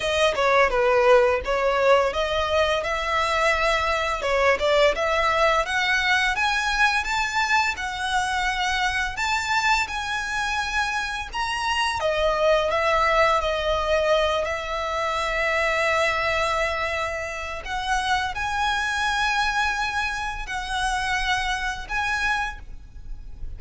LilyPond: \new Staff \with { instrumentName = "violin" } { \time 4/4 \tempo 4 = 85 dis''8 cis''8 b'4 cis''4 dis''4 | e''2 cis''8 d''8 e''4 | fis''4 gis''4 a''4 fis''4~ | fis''4 a''4 gis''2 |
ais''4 dis''4 e''4 dis''4~ | dis''8 e''2.~ e''8~ | e''4 fis''4 gis''2~ | gis''4 fis''2 gis''4 | }